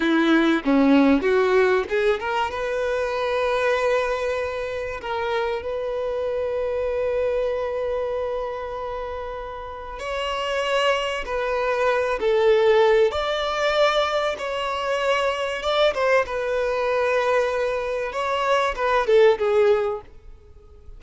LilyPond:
\new Staff \with { instrumentName = "violin" } { \time 4/4 \tempo 4 = 96 e'4 cis'4 fis'4 gis'8 ais'8 | b'1 | ais'4 b'2.~ | b'1 |
cis''2 b'4. a'8~ | a'4 d''2 cis''4~ | cis''4 d''8 c''8 b'2~ | b'4 cis''4 b'8 a'8 gis'4 | }